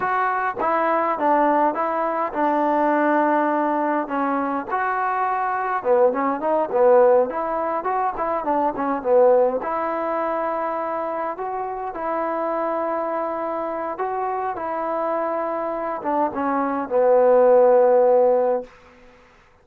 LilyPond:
\new Staff \with { instrumentName = "trombone" } { \time 4/4 \tempo 4 = 103 fis'4 e'4 d'4 e'4 | d'2. cis'4 | fis'2 b8 cis'8 dis'8 b8~ | b8 e'4 fis'8 e'8 d'8 cis'8 b8~ |
b8 e'2. fis'8~ | fis'8 e'2.~ e'8 | fis'4 e'2~ e'8 d'8 | cis'4 b2. | }